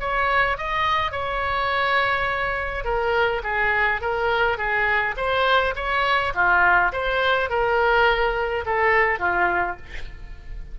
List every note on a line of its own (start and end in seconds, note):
0.00 0.58 C#5
0.58 1.12 D#5
1.12 2.84 C#5
2.84 3.42 A#4
3.43 4.01 G#4
4.01 4.57 A#4
4.57 5.15 G#4
5.17 5.75 C5
5.75 6.33 C#5
6.34 6.92 F4
6.92 7.49 C5
7.49 8.65 A#4
8.65 9.19 A4
9.19 9.77 F4